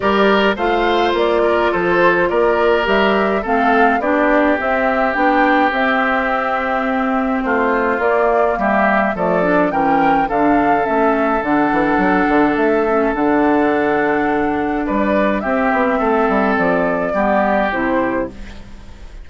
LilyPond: <<
  \new Staff \with { instrumentName = "flute" } { \time 4/4 \tempo 4 = 105 d''4 f''4 d''4 c''4 | d''4 e''4 f''4 d''4 | e''4 g''4 e''2~ | e''4 c''4 d''4 e''4 |
d''4 g''4 f''4 e''4 | fis''2 e''4 fis''4~ | fis''2 d''4 e''4~ | e''4 d''2 c''4 | }
  \new Staff \with { instrumentName = "oboe" } { \time 4/4 ais'4 c''4. ais'8 a'4 | ais'2 a'4 g'4~ | g'1~ | g'4 f'2 g'4 |
a'4 ais'4 a'2~ | a'1~ | a'2 b'4 g'4 | a'2 g'2 | }
  \new Staff \with { instrumentName = "clarinet" } { \time 4/4 g'4 f'2.~ | f'4 g'4 c'4 d'4 | c'4 d'4 c'2~ | c'2 ais2 |
a8 d'8 cis'4 d'4 cis'4 | d'2~ d'8 cis'8 d'4~ | d'2. c'4~ | c'2 b4 e'4 | }
  \new Staff \with { instrumentName = "bassoon" } { \time 4/4 g4 a4 ais4 f4 | ais4 g4 a4 b4 | c'4 b4 c'2~ | c'4 a4 ais4 g4 |
f4 e4 d4 a4 | d8 e8 fis8 d8 a4 d4~ | d2 g4 c'8 b8 | a8 g8 f4 g4 c4 | }
>>